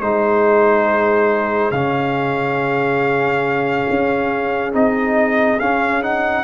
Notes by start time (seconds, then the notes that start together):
0.00 G#3 D#4 G#4 C5
1.71 C#3 C#4 F5
3.89 C#4
4.72 C4 D#4 D#5
5.59 C#4 F5
6.01 D#4 F#5